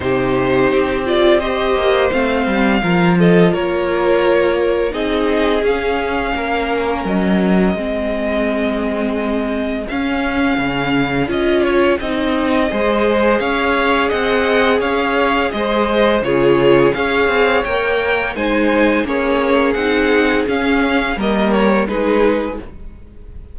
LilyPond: <<
  \new Staff \with { instrumentName = "violin" } { \time 4/4 \tempo 4 = 85 c''4. d''8 dis''4 f''4~ | f''8 dis''8 cis''2 dis''4 | f''2 dis''2~ | dis''2 f''2 |
dis''8 cis''8 dis''2 f''4 | fis''4 f''4 dis''4 cis''4 | f''4 g''4 gis''4 cis''4 | fis''4 f''4 dis''8 cis''8 b'4 | }
  \new Staff \with { instrumentName = "violin" } { \time 4/4 g'2 c''2 | ais'8 a'8 ais'2 gis'4~ | gis'4 ais'2 gis'4~ | gis'1~ |
gis'2 c''4 cis''4 | dis''4 cis''4 c''4 gis'4 | cis''2 c''4 gis'4~ | gis'2 ais'4 gis'4 | }
  \new Staff \with { instrumentName = "viola" } { \time 4/4 dis'4. f'8 g'4 c'4 | f'2. dis'4 | cis'2. c'4~ | c'2 cis'2 |
f'4 dis'4 gis'2~ | gis'2. f'4 | gis'4 ais'4 dis'4 cis'4 | dis'4 cis'4 ais4 dis'4 | }
  \new Staff \with { instrumentName = "cello" } { \time 4/4 c4 c'4. ais8 a8 g8 | f4 ais2 c'4 | cis'4 ais4 fis4 gis4~ | gis2 cis'4 cis4 |
cis'4 c'4 gis4 cis'4 | c'4 cis'4 gis4 cis4 | cis'8 c'8 ais4 gis4 ais4 | c'4 cis'4 g4 gis4 | }
>>